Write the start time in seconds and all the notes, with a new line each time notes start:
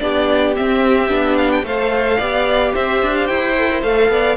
0.00 B3 D4 G4 D5
0.56 C4 E5
1.10 B3 D4
1.38 F5
1.52 G5
1.64 A3 A4 C5 F5
2.18 B3 G4 D5
2.74 C4 C5 E5
3.02 D4
3.16 F5
3.27 E4 G5
3.58 A4
3.72 A#4
3.83 A3 A4 F5
4.09 B3 D5